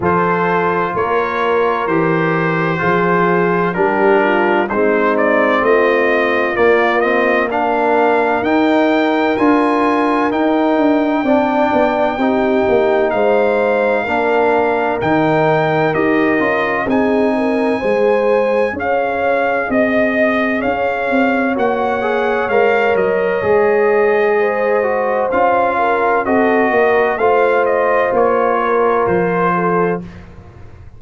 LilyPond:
<<
  \new Staff \with { instrumentName = "trumpet" } { \time 4/4 \tempo 4 = 64 c''4 cis''4 c''2 | ais'4 c''8 d''8 dis''4 d''8 dis''8 | f''4 g''4 gis''4 g''4~ | g''2 f''2 |
g''4 dis''4 gis''2 | f''4 dis''4 f''4 fis''4 | f''8 dis''2~ dis''8 f''4 | dis''4 f''8 dis''8 cis''4 c''4 | }
  \new Staff \with { instrumentName = "horn" } { \time 4/4 a'4 ais'2 gis'4 | g'8 f'8 dis'4 f'2 | ais'1 | d''4 g'4 c''4 ais'4~ |
ais'2 gis'8 ais'8 c''4 | cis''4 dis''4 cis''2~ | cis''2 c''4. ais'8 | a'8 ais'8 c''4. ais'4 a'8 | }
  \new Staff \with { instrumentName = "trombone" } { \time 4/4 f'2 g'4 f'4 | d'4 c'2 ais8 c'8 | d'4 dis'4 f'4 dis'4 | d'4 dis'2 d'4 |
dis'4 g'8 f'8 dis'4 gis'4~ | gis'2. fis'8 gis'8 | ais'4 gis'4. fis'8 f'4 | fis'4 f'2. | }
  \new Staff \with { instrumentName = "tuba" } { \time 4/4 f4 ais4 e4 f4 | g4 gis4 a4 ais4~ | ais4 dis'4 d'4 dis'8 d'8 | c'8 b8 c'8 ais8 gis4 ais4 |
dis4 dis'8 cis'8 c'4 gis4 | cis'4 c'4 cis'8 c'8 ais4 | gis8 fis8 gis2 cis'4 | c'8 ais8 a4 ais4 f4 | }
>>